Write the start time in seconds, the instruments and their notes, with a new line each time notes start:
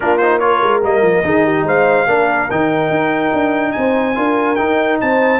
0.00 tuba A#3, trombone D4, horn F4, trumpet A#4
0.17 trombone D#4, trumpet C5
0.39 trombone F4, horn A#4, trumpet C#5
0.62 tuba G#3
0.82 tuba G3, trombone A#3, trumpet D#5
1.01 tuba F3
1.23 tuba D#3, trombone D#4, horn G#4
1.45 horn G4
1.62 tuba G#3, horn C5, trumpet F5
2.06 tuba A#3, trombone D4, horn A#4
2.50 tuba D#3, trombone D#4, trumpet G5
2.89 tuba D#4
3.33 tuba D4
3.72 tuba C4, horn C5, trumpet G#5
4.14 tuba D4, trombone F4, horn A#4
4.55 trombone D#4, tuba D#4, trumpet G5
5.00 tuba C4, horn C5, trumpet A5